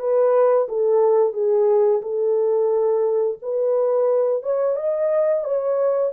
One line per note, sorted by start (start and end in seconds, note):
0.00 0.68 B4
0.69 1.34 A4
1.34 2.02 G#4
2.02 3.39 A4
3.42 4.43 B4
4.43 4.77 C#5
4.77 5.45 D#5
5.45 6.13 C#5